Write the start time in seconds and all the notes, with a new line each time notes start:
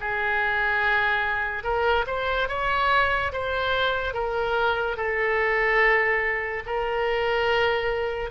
0.00 G#4
1.63 A#4
2.07 C5
2.48 C#5
3.32 C5
4.13 A#4
4.96 A4
6.66 A#4